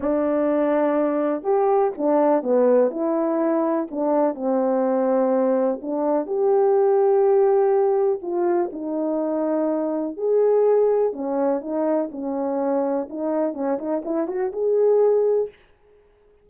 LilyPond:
\new Staff \with { instrumentName = "horn" } { \time 4/4 \tempo 4 = 124 d'2. g'4 | d'4 b4 e'2 | d'4 c'2. | d'4 g'2.~ |
g'4 f'4 dis'2~ | dis'4 gis'2 cis'4 | dis'4 cis'2 dis'4 | cis'8 dis'8 e'8 fis'8 gis'2 | }